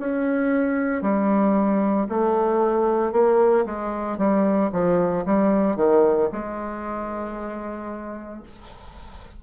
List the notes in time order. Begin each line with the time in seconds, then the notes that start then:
0.00 C#4
1.02 G3
2.09 A3
3.12 A#3
3.66 G#3
4.18 G3
4.72 F3
5.26 G3
5.77 D#3
6.33 G#3